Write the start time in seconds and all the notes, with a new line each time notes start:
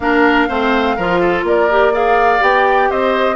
0.00 A#3 D4 A#4 F5
0.48 A3 C4 C5
0.96 F3 F4 A#4
1.20 A4
1.43 A#3 A#4 D5
1.70 G4
1.92 G#4 D5 F5
2.39 B3 G4 G5
2.90 C4 C5 D#5